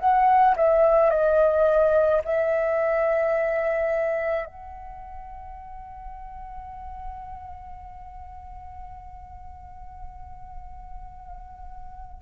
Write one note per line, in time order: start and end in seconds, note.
0.00 0.56 F#5
0.57 1.11 E5
1.11 2.22 D#5
2.25 4.46 E5
4.46 12.23 F#5